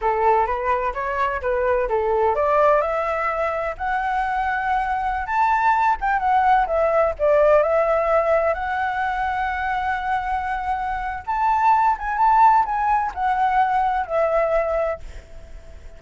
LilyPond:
\new Staff \with { instrumentName = "flute" } { \time 4/4 \tempo 4 = 128 a'4 b'4 cis''4 b'4 | a'4 d''4 e''2 | fis''2.~ fis''16 a''8.~ | a''8. g''8 fis''4 e''4 d''8.~ |
d''16 e''2 fis''4.~ fis''16~ | fis''1 | a''4. gis''8 a''4 gis''4 | fis''2 e''2 | }